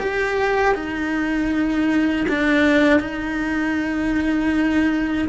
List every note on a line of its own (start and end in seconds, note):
0.00 0.75 G4
0.75 2.27 D#4
2.29 3.00 D4
3.00 5.28 D#4